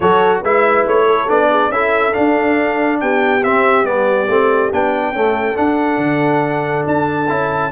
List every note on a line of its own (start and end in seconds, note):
0.00 0.42 F#3
0.00 0.45 F#4
0.00 0.41 A4
0.00 0.41 C#5
0.41 0.85 G#3
0.41 1.28 E4
0.41 1.06 B4
0.41 0.87 E5
0.86 1.29 A3
0.86 1.29 C#5
1.06 1.49 A4
1.28 1.68 B3
1.28 1.71 D4
1.28 1.71 D5
1.50 1.71 G#4
1.68 2.11 C#4
1.68 2.12 E4
1.68 3.01 A4
1.68 2.13 E5
2.12 3.40 D4
2.12 3.02 D4
2.12 2.99 F5
3.00 3.43 B3
3.00 5.15 G4
3.00 3.43 G5
3.43 3.84 C4
3.43 3.85 E5
3.84 4.27 G3
3.84 4.27 B3
3.84 4.70 D5
4.28 4.70 A3
4.28 4.72 C4
4.72 5.12 B3
4.72 5.15 D4
4.72 5.56 G5
5.12 5.54 A3
5.12 5.55 C#4
5.12 7.71 A4
5.54 7.26 D4
5.54 5.97 D4
5.54 6.85 F#5
5.97 6.82 D3
6.86 7.29 D4
6.86 7.71 A5
7.28 7.71 C#4
7.28 7.71 E4